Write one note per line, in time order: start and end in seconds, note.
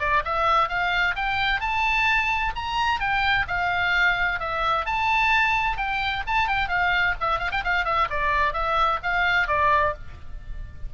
0.00 0.23 D5
0.25 0.69 E5
0.69 1.16 F5
1.16 1.61 G5
1.61 2.53 A5
2.56 3.00 A#5
3.00 3.47 G5
3.48 4.40 F5
4.40 4.86 E5
4.86 5.78 A5
5.78 6.24 G5
6.27 6.48 A5
6.48 6.69 G5
6.69 7.15 F5
7.21 7.40 E5
7.40 7.51 F5
7.52 7.64 G5
7.64 7.85 F5
7.85 8.09 E5
8.10 8.54 D5
8.54 9.00 E5
9.03 9.48 F5
9.48 9.94 D5